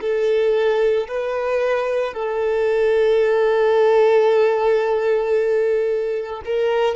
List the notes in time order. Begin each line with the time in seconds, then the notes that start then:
0.00 A4
1.08 B4
2.13 A4
6.45 A#4